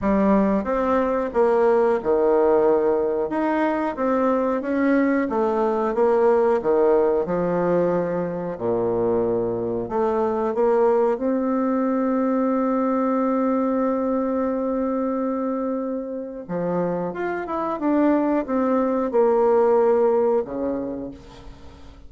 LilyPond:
\new Staff \with { instrumentName = "bassoon" } { \time 4/4 \tempo 4 = 91 g4 c'4 ais4 dis4~ | dis4 dis'4 c'4 cis'4 | a4 ais4 dis4 f4~ | f4 ais,2 a4 |
ais4 c'2.~ | c'1~ | c'4 f4 f'8 e'8 d'4 | c'4 ais2 cis4 | }